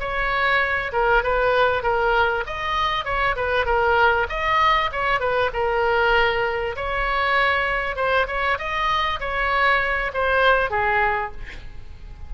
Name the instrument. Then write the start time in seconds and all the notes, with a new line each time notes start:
oboe
0.00 C#5
0.93 A#4
1.24 B4
1.83 A#4
2.46 D#5
3.05 C#5
3.36 B4
3.66 A#4
4.30 D#5
4.92 C#5
5.20 B4
5.54 A#4
6.76 C#5
7.96 C5
8.28 C#5
8.59 D#5
9.20 C#5
10.14 C5
10.71 G#4